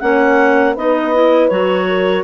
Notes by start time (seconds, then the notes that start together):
0.00 A#3 C#4 C#5 F#5
0.73 B3 D#4 B4 D#5
1.13 E4
1.48 F#3 F#4 C#5
1.88 A#4